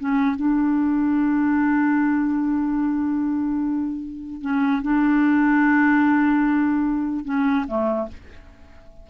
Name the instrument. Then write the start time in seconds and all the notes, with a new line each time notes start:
clarinet
0.00 C#4
0.36 D4
4.42 C#4
4.82 D4
7.25 C#4
7.68 A3